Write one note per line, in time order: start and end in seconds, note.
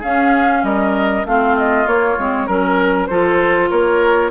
0.00 1.25 C#4
0.00 0.64 C#4
0.00 0.61 G#4
0.00 0.64 F5
0.64 1.25 G3
0.64 1.27 A#4
0.64 1.26 D#5
1.26 1.87 A3
1.26 1.87 C4
1.26 2.47 F4
1.26 1.57 F5
1.58 1.87 D#5
1.87 2.18 A#3
1.87 2.48 C#5
2.19 2.49 G#3
2.19 2.48 C4
2.47 3.10 F#3
2.47 3.09 C#4
2.47 3.08 A#4
2.47 3.07 A#4
3.07 3.71 F3
3.07 4.32 F4
3.07 3.70 A4
3.07 3.68 C5
3.70 4.32 A#3
3.70 4.32 A#4
3.70 4.31 C#5